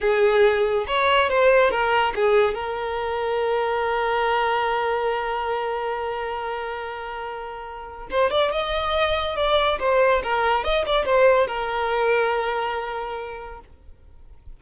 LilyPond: \new Staff \with { instrumentName = "violin" } { \time 4/4 \tempo 4 = 141 gis'2 cis''4 c''4 | ais'4 gis'4 ais'2~ | ais'1~ | ais'1~ |
ais'2. c''8 d''8 | dis''2 d''4 c''4 | ais'4 dis''8 d''8 c''4 ais'4~ | ais'1 | }